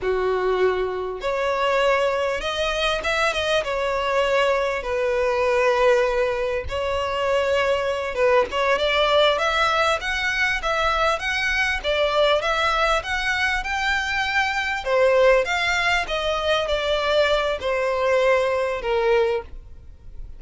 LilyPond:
\new Staff \with { instrumentName = "violin" } { \time 4/4 \tempo 4 = 99 fis'2 cis''2 | dis''4 e''8 dis''8 cis''2 | b'2. cis''4~ | cis''4. b'8 cis''8 d''4 e''8~ |
e''8 fis''4 e''4 fis''4 d''8~ | d''8 e''4 fis''4 g''4.~ | g''8 c''4 f''4 dis''4 d''8~ | d''4 c''2 ais'4 | }